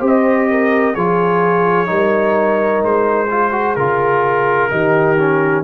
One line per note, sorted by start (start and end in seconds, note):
0.00 0.95 C4
0.00 0.94 G4
0.00 0.47 C5
0.07 0.95 D#5
0.50 0.94 A#4
0.94 1.89 F3
0.94 1.86 F4
0.94 1.88 G#4
0.94 2.82 C#5
1.86 2.82 G3
1.86 3.27 D#4
1.86 3.30 A#4
2.82 3.76 G#3
2.82 3.76 C5
3.30 3.52 F4
3.30 4.71 G#4
3.52 3.75 F#4
3.76 4.70 C#3
3.76 4.70 F4
3.76 5.63 A#4
4.70 5.64 D#3
4.70 5.17 D#4
4.70 5.64 G4
5.18 5.64 C#4